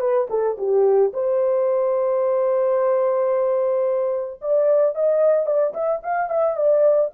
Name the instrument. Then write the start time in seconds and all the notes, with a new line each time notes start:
horn
0.00 B4
0.30 A4
0.58 G4
1.13 C5
4.41 D5
4.95 D#5
5.46 D5
5.74 E5
6.03 F5
6.30 E5
6.57 D5